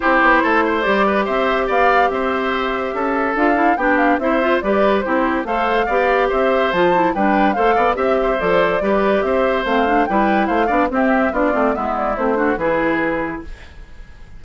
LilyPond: <<
  \new Staff \with { instrumentName = "flute" } { \time 4/4 \tempo 4 = 143 c''2 d''4 e''4 | f''4 e''2. | f''4 g''8 f''8 e''4 d''4 | c''4 f''2 e''4 |
a''4 g''4 f''4 e''4 | d''2 e''4 f''4 | g''4 f''4 e''4 d''4 | e''8 d''8 c''4 b'2 | }
  \new Staff \with { instrumentName = "oboe" } { \time 4/4 g'4 a'8 c''4 b'8 c''4 | d''4 c''2 a'4~ | a'4 g'4 c''4 b'4 | g'4 c''4 d''4 c''4~ |
c''4 b'4 c''8 d''8 e''8 c''8~ | c''4 b'4 c''2 | b'4 c''8 d''8 g'4 f'4 | e'4. fis'8 gis'2 | }
  \new Staff \with { instrumentName = "clarinet" } { \time 4/4 e'2 g'2~ | g'1 | f'8 e'8 d'4 e'8 f'8 g'4 | e'4 a'4 g'2 |
f'8 e'8 d'4 a'4 g'4 | a'4 g'2 c'8 d'8 | e'4. d'8 c'4 d'8 c'8 | b4 c'8 d'8 e'2 | }
  \new Staff \with { instrumentName = "bassoon" } { \time 4/4 c'8 b8 a4 g4 c'4 | b4 c'2 cis'4 | d'4 b4 c'4 g4 | c'4 a4 b4 c'4 |
f4 g4 a8 b8 c'4 | f4 g4 c'4 a4 | g4 a8 b8 c'4 b8 a8 | gis4 a4 e2 | }
>>